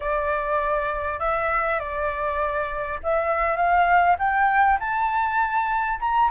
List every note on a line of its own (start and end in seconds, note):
0.00 1.19 D5
1.19 1.79 E5
1.79 2.99 D5
3.03 3.56 E5
3.56 4.16 F5
4.18 4.78 G5
4.79 5.99 A5
6.00 6.30 A#5